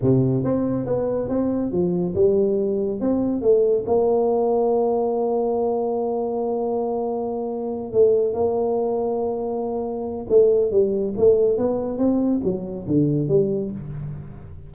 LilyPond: \new Staff \with { instrumentName = "tuba" } { \time 4/4 \tempo 4 = 140 c4 c'4 b4 c'4 | f4 g2 c'4 | a4 ais2.~ | ais1~ |
ais2~ ais8 a4 ais8~ | ais1 | a4 g4 a4 b4 | c'4 fis4 d4 g4 | }